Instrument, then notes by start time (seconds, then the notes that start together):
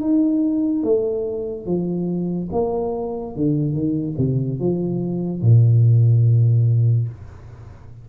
tuba
0.00 D#4
0.83 A3
1.66 F3
2.52 A#3
3.35 D3
3.73 D#3
4.17 C3
4.59 F3
5.41 A#2